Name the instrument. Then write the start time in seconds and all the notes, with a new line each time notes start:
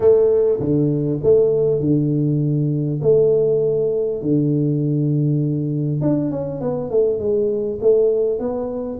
tuba
0.00 A3
0.60 D3
1.23 A3
1.80 D3
3.02 A3
4.21 D3
6.01 D4
6.30 C#4
6.60 B3
6.90 A3
7.19 G#3
7.81 A3
8.39 B3